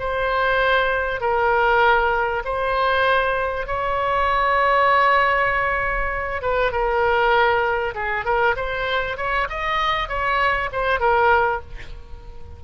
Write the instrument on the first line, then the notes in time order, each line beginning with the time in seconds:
oboe
0.00 C5
1.21 A#4
2.45 C5
3.67 C#5
6.42 B4
6.72 A#4
7.95 G#4
8.25 A#4
8.57 C5
9.18 C#5
9.50 D#5
10.09 C#5
10.73 C5
11.00 A#4